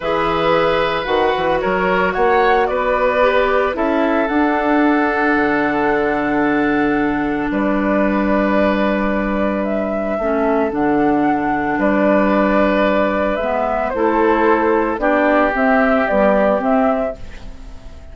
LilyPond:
<<
  \new Staff \with { instrumentName = "flute" } { \time 4/4 \tempo 4 = 112 e''2 fis''4 cis''4 | fis''4 d''2 e''4 | fis''1~ | fis''2 d''2~ |
d''2 e''2 | fis''2 d''2~ | d''4 e''4 c''2 | d''4 e''4 d''4 e''4 | }
  \new Staff \with { instrumentName = "oboe" } { \time 4/4 b'2. ais'4 | cis''4 b'2 a'4~ | a'1~ | a'2 b'2~ |
b'2. a'4~ | a'2 b'2~ | b'2 a'2 | g'1 | }
  \new Staff \with { instrumentName = "clarinet" } { \time 4/4 gis'2 fis'2~ | fis'2 g'4 e'4 | d'1~ | d'1~ |
d'2. cis'4 | d'1~ | d'4 b4 e'2 | d'4 c'4 g4 c'4 | }
  \new Staff \with { instrumentName = "bassoon" } { \time 4/4 e2 dis8 e8 fis4 | ais4 b2 cis'4 | d'2 d2~ | d2 g2~ |
g2. a4 | d2 g2~ | g4 gis4 a2 | b4 c'4 b4 c'4 | }
>>